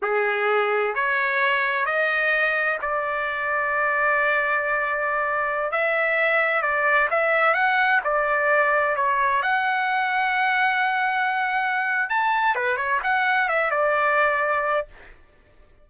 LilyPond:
\new Staff \with { instrumentName = "trumpet" } { \time 4/4 \tempo 4 = 129 gis'2 cis''2 | dis''2 d''2~ | d''1~ | d''16 e''2 d''4 e''8.~ |
e''16 fis''4 d''2 cis''8.~ | cis''16 fis''2.~ fis''8.~ | fis''2 a''4 b'8 cis''8 | fis''4 e''8 d''2~ d''8 | }